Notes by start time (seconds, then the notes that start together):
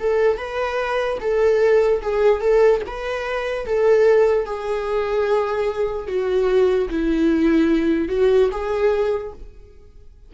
0.00 A4
0.38 B4
1.21 A4
2.02 G#4
2.41 A4
2.87 B4
3.66 A4
4.46 G#4
6.08 F#4
6.90 E4
8.09 F#4
8.52 G#4